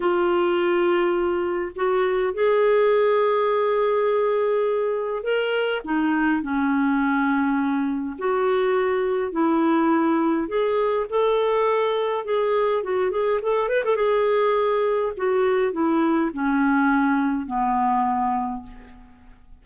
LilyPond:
\new Staff \with { instrumentName = "clarinet" } { \time 4/4 \tempo 4 = 103 f'2. fis'4 | gis'1~ | gis'4 ais'4 dis'4 cis'4~ | cis'2 fis'2 |
e'2 gis'4 a'4~ | a'4 gis'4 fis'8 gis'8 a'8 b'16 a'16 | gis'2 fis'4 e'4 | cis'2 b2 | }